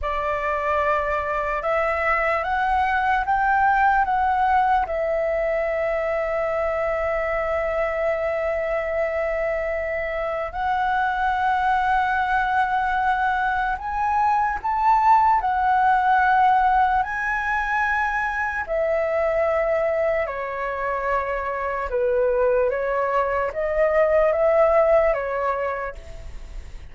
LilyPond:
\new Staff \with { instrumentName = "flute" } { \time 4/4 \tempo 4 = 74 d''2 e''4 fis''4 | g''4 fis''4 e''2~ | e''1~ | e''4 fis''2.~ |
fis''4 gis''4 a''4 fis''4~ | fis''4 gis''2 e''4~ | e''4 cis''2 b'4 | cis''4 dis''4 e''4 cis''4 | }